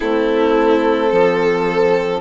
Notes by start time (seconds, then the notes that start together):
0.00 A3 C4 E4 A4
1.09 F3 A4